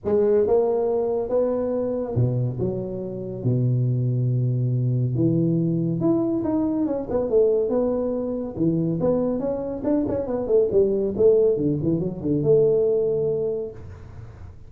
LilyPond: \new Staff \with { instrumentName = "tuba" } { \time 4/4 \tempo 4 = 140 gis4 ais2 b4~ | b4 b,4 fis2 | b,1 | e2 e'4 dis'4 |
cis'8 b8 a4 b2 | e4 b4 cis'4 d'8 cis'8 | b8 a8 g4 a4 d8 e8 | fis8 d8 a2. | }